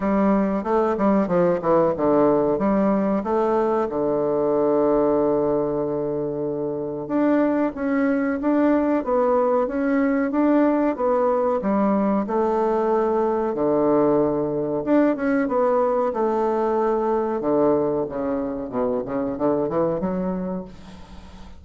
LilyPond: \new Staff \with { instrumentName = "bassoon" } { \time 4/4 \tempo 4 = 93 g4 a8 g8 f8 e8 d4 | g4 a4 d2~ | d2. d'4 | cis'4 d'4 b4 cis'4 |
d'4 b4 g4 a4~ | a4 d2 d'8 cis'8 | b4 a2 d4 | cis4 b,8 cis8 d8 e8 fis4 | }